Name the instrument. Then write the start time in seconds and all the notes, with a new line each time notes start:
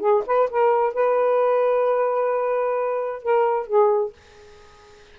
saxophone
0.00 G#4
0.26 B4
0.51 A#4
0.94 B4
3.23 A#4
3.67 G#4